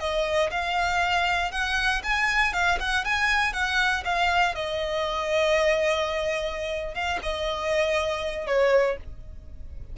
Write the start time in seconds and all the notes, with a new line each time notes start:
0.00 D#5
0.51 F5
1.52 F#5
2.04 G#5
2.53 F5
2.80 F#5
3.05 G#5
3.53 F#5
4.05 F5
4.56 D#5
6.95 F5
7.23 D#5
8.47 C#5